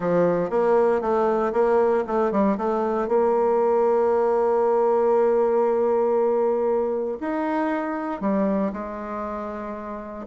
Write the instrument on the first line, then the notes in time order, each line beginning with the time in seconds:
bassoon
0.00 F3
0.50 A#3
1.01 A3
1.52 A#3
2.07 A3
2.31 G3
2.57 A3
3.08 A#3
7.20 D#4
8.20 G3
8.72 G#3